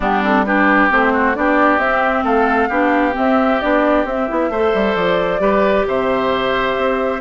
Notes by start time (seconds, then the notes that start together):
0.00 G3 B3 D4 G4
0.22 C4 A4
0.45 D4 G4 B4
0.90 A3 C4 C5
1.13 F#4
1.34 B3 D4 G4 D5
1.78 C4 E5
2.23 A3 A4 F5
2.68 B3 D4 G4
3.12 C4 E5
3.60 B3 D4 D5
4.05 C4 E5
4.28 B3 E4
4.49 A3 A4 C5
4.74 G3
4.95 F3 D5
5.39 G3 G4 B4
5.87 C3 C5 E5
6.76 C4